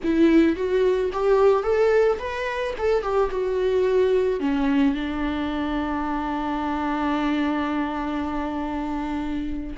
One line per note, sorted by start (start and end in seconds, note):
0.03 0.56 E4
0.56 1.11 F#4
1.12 1.63 G4
1.63 2.18 A4
2.19 2.74 B4
2.78 3.02 A4
3.02 3.30 G4
3.31 4.40 F#4
4.40 4.94 C#4
4.94 9.76 D4